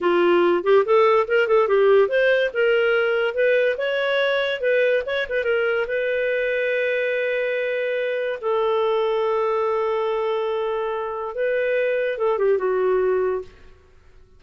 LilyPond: \new Staff \with { instrumentName = "clarinet" } { \time 4/4 \tempo 4 = 143 f'4. g'8 a'4 ais'8 a'8 | g'4 c''4 ais'2 | b'4 cis''2 b'4 | cis''8 b'8 ais'4 b'2~ |
b'1 | a'1~ | a'2. b'4~ | b'4 a'8 g'8 fis'2 | }